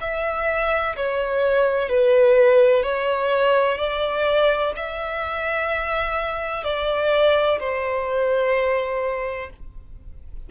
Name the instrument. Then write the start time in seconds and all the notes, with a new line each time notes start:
violin
0.00 E5
0.96 C#5
1.89 B4
2.83 C#5
3.77 D5
4.75 E5
6.63 D5
7.59 C5